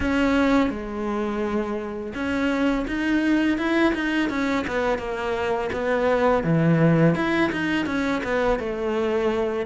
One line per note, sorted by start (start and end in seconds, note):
0.00 0.70 C#4
0.70 2.13 G#3
2.14 2.85 C#4
2.87 3.57 D#4
3.57 3.93 E4
3.94 4.29 D#4
4.29 4.65 C#4
4.67 4.98 B3
4.98 5.69 A#3
5.72 6.43 B3
6.43 7.15 E3
7.15 7.50 E4
7.52 7.86 D#4
7.86 8.21 C#4
8.23 8.59 B3
8.59 9.66 A3